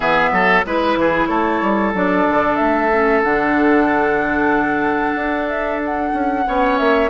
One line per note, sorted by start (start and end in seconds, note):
0.00 0.31 E3
0.00 0.63 B3
0.00 0.29 G#4
0.00 0.64 E5
0.31 0.64 F#3
0.31 0.65 A4
0.65 0.96 G#3
0.65 1.94 E4
0.65 0.98 B4
0.65 1.26 B4
0.96 1.28 E3
0.96 1.28 G#4
1.26 1.61 A3
1.26 6.44 A4
1.26 1.91 C#5
1.62 1.94 G3
1.94 2.26 F#3
1.94 2.91 D4
1.94 2.56 D5
2.29 2.59 D3
2.56 3.24 A3
2.56 3.20 E5
2.92 3.23 C#4
3.23 5.14 D3
3.23 6.45 D4
3.23 5.48 F#5
5.14 6.11 D4
5.48 5.80 E5
5.85 6.77 F#5
6.13 6.45 C#4
6.45 6.79 B3
6.45 7.10 C#4
6.45 7.10 C#5
6.77 7.10 A#3
6.77 7.10 E5